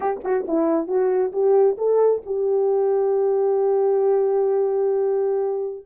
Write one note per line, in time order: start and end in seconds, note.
0.00 0.20 G4
0.24 0.46 F#4
0.47 0.87 E4
0.87 1.32 F#4
1.32 1.77 G4
1.77 2.22 A4
2.25 5.85 G4